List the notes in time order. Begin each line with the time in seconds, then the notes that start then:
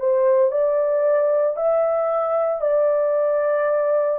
0.00 C5
0.52 D5
1.57 E5
2.62 D5